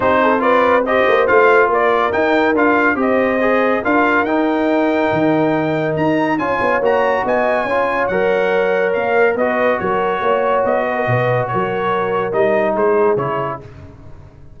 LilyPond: <<
  \new Staff \with { instrumentName = "trumpet" } { \time 4/4 \tempo 4 = 141 c''4 d''4 dis''4 f''4 | d''4 g''4 f''4 dis''4~ | dis''4 f''4 g''2~ | g''2 ais''4 gis''4 |
ais''4 gis''2 fis''4~ | fis''4 f''4 dis''4 cis''4~ | cis''4 dis''2 cis''4~ | cis''4 dis''4 c''4 cis''4 | }
  \new Staff \with { instrumentName = "horn" } { \time 4/4 g'8 a'8 b'4 c''2 | ais'2. c''4~ | c''4 ais'2.~ | ais'2. cis''4~ |
cis''4 dis''4 cis''2~ | cis''2 b'4 ais'4 | cis''4. b'16 ais'16 b'4 ais'4~ | ais'2 gis'2 | }
  \new Staff \with { instrumentName = "trombone" } { \time 4/4 dis'4 f'4 g'4 f'4~ | f'4 dis'4 f'4 g'4 | gis'4 f'4 dis'2~ | dis'2. f'4 |
fis'2 f'4 ais'4~ | ais'2 fis'2~ | fis'1~ | fis'4 dis'2 e'4 | }
  \new Staff \with { instrumentName = "tuba" } { \time 4/4 c'2~ c'8 ais8 a4 | ais4 dis'4 d'4 c'4~ | c'4 d'4 dis'2 | dis2 dis'4 cis'8 b8 |
ais4 b4 cis'4 fis4~ | fis4 ais4 b4 fis4 | ais4 b4 b,4 fis4~ | fis4 g4 gis4 cis4 | }
>>